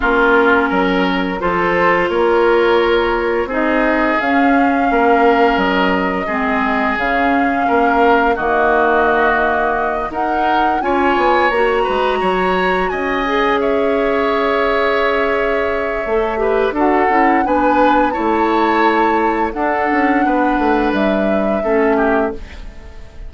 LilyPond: <<
  \new Staff \with { instrumentName = "flute" } { \time 4/4 \tempo 4 = 86 ais'2 c''4 cis''4~ | cis''4 dis''4 f''2 | dis''2 f''2 | dis''2~ dis''8 fis''4 gis''8~ |
gis''8 ais''2 gis''4 e''8~ | e''1 | fis''4 gis''4 a''2 | fis''2 e''2 | }
  \new Staff \with { instrumentName = "oboe" } { \time 4/4 f'4 ais'4 a'4 ais'4~ | ais'4 gis'2 ais'4~ | ais'4 gis'2 ais'4 | fis'2~ fis'8 ais'4 cis''8~ |
cis''4 b'8 cis''4 dis''4 cis''8~ | cis''2.~ cis''8 b'8 | a'4 b'4 cis''2 | a'4 b'2 a'8 g'8 | }
  \new Staff \with { instrumentName = "clarinet" } { \time 4/4 cis'2 f'2~ | f'4 dis'4 cis'2~ | cis'4 c'4 cis'2 | ais2~ ais8 dis'4 f'8~ |
f'8 fis'2~ fis'8 gis'4~ | gis'2. a'8 g'8 | fis'8 e'8 d'4 e'2 | d'2. cis'4 | }
  \new Staff \with { instrumentName = "bassoon" } { \time 4/4 ais4 fis4 f4 ais4~ | ais4 c'4 cis'4 ais4 | fis4 gis4 cis4 ais4 | dis2~ dis8 dis'4 cis'8 |
b8 ais8 gis8 fis4 cis'4.~ | cis'2. a4 | d'8 cis'8 b4 a2 | d'8 cis'8 b8 a8 g4 a4 | }
>>